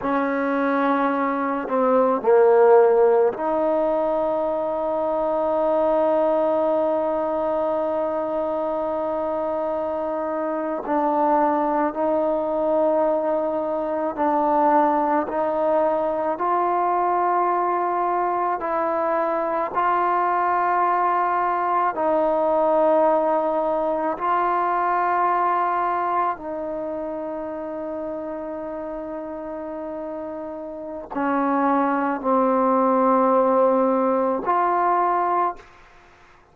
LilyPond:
\new Staff \with { instrumentName = "trombone" } { \time 4/4 \tempo 4 = 54 cis'4. c'8 ais4 dis'4~ | dis'1~ | dis'4.~ dis'16 d'4 dis'4~ dis'16~ | dis'8. d'4 dis'4 f'4~ f'16~ |
f'8. e'4 f'2 dis'16~ | dis'4.~ dis'16 f'2 dis'16~ | dis'1 | cis'4 c'2 f'4 | }